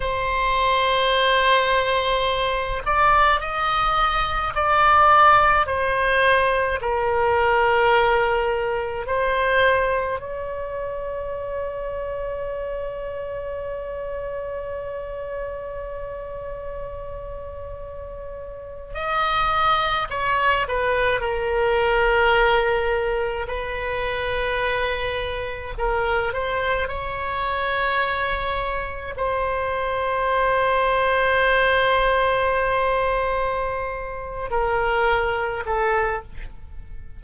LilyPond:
\new Staff \with { instrumentName = "oboe" } { \time 4/4 \tempo 4 = 53 c''2~ c''8 d''8 dis''4 | d''4 c''4 ais'2 | c''4 cis''2.~ | cis''1~ |
cis''8. dis''4 cis''8 b'8 ais'4~ ais'16~ | ais'8. b'2 ais'8 c''8 cis''16~ | cis''4.~ cis''16 c''2~ c''16~ | c''2~ c''8 ais'4 a'8 | }